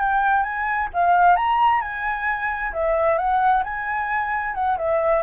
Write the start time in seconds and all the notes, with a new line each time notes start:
0.00 G5
0.43 G#5
0.94 F5
1.37 A#5
1.82 G#5
2.73 E5
3.18 F#5
3.64 G#5
4.55 F#5
4.78 E5